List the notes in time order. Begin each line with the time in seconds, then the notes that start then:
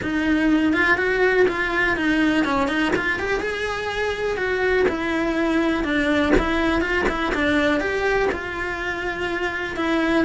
0.02 D#4
0.73 F4
0.97 F#4
1.48 F4
1.96 D#4
2.45 C#4
2.68 D#4
2.96 F4
3.19 G4
3.40 G#4
4.37 F#4
4.88 E4
5.84 D4
6.38 E4
6.81 F4
7.08 E4
7.34 D4
7.80 G4
8.32 F4
9.76 E4